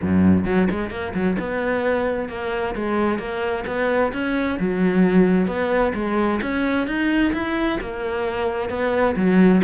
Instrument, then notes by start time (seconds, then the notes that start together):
cello
0.01 F#2
0.45 F#3
0.70 G#3
0.90 A#3
1.14 F#3
1.39 B3
2.29 A#3
2.75 G#3
3.18 A#3
3.66 B3
4.12 C#4
4.59 F#3
5.47 B3
5.94 G#3
6.42 C#4
6.87 D#4
7.33 E4
7.80 A#3
8.69 B3
9.16 F#3